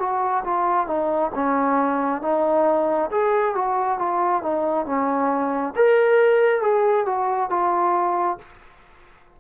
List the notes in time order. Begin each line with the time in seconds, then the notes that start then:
0.00 F#4
0.45 F4
0.87 D#4
1.35 C#4
2.22 D#4
3.12 G#4
3.56 F#4
3.99 F4
4.43 D#4
4.86 C#4
5.76 A#4
6.62 G#4
7.06 F#4
7.50 F4